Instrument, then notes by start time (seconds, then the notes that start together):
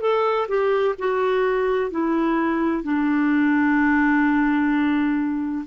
clarinet
0.00 A4
0.48 G4
0.98 F#4
1.90 E4
2.83 D4